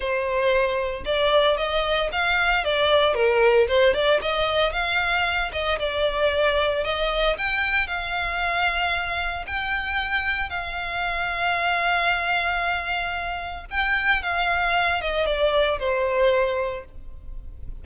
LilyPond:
\new Staff \with { instrumentName = "violin" } { \time 4/4 \tempo 4 = 114 c''2 d''4 dis''4 | f''4 d''4 ais'4 c''8 d''8 | dis''4 f''4. dis''8 d''4~ | d''4 dis''4 g''4 f''4~ |
f''2 g''2 | f''1~ | f''2 g''4 f''4~ | f''8 dis''8 d''4 c''2 | }